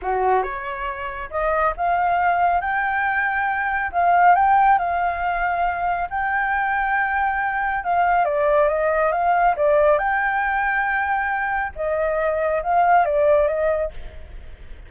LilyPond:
\new Staff \with { instrumentName = "flute" } { \time 4/4 \tempo 4 = 138 fis'4 cis''2 dis''4 | f''2 g''2~ | g''4 f''4 g''4 f''4~ | f''2 g''2~ |
g''2 f''4 d''4 | dis''4 f''4 d''4 g''4~ | g''2. dis''4~ | dis''4 f''4 d''4 dis''4 | }